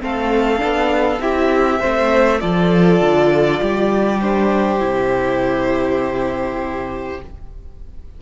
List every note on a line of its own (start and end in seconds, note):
0.00 0.61 A3
0.00 0.58 C4
0.00 1.22 A4
0.00 1.21 F5
0.58 1.19 B3
0.58 1.18 D4
1.19 1.79 C4
1.19 1.80 E4
1.19 1.79 G4
1.19 2.40 E5
1.79 2.42 A3
1.79 2.41 C4
1.79 2.39 C5
2.40 3.01 F3
2.40 4.21 F4
2.40 3.60 A4
2.40 4.20 D5
3.01 3.60 D3
3.60 4.80 G3
3.60 7.21 G4
4.20 4.79 D4
4.20 7.20 C5
4.79 7.21 C3
4.79 7.19 E4